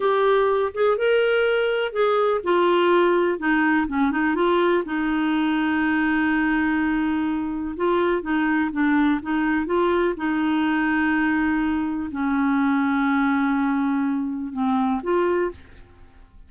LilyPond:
\new Staff \with { instrumentName = "clarinet" } { \time 4/4 \tempo 4 = 124 g'4. gis'8 ais'2 | gis'4 f'2 dis'4 | cis'8 dis'8 f'4 dis'2~ | dis'1 |
f'4 dis'4 d'4 dis'4 | f'4 dis'2.~ | dis'4 cis'2.~ | cis'2 c'4 f'4 | }